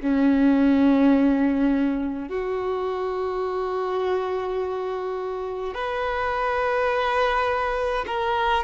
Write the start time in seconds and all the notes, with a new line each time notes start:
0.00 C#4
2.29 F#4
5.74 B4
8.06 A#4